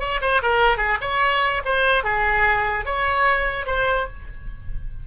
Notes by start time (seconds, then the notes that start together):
0.00 C#5
0.22 C5
0.42 A#4
0.78 G#4
1.01 C#5
1.65 C5
2.04 G#4
2.86 C#5
3.66 C5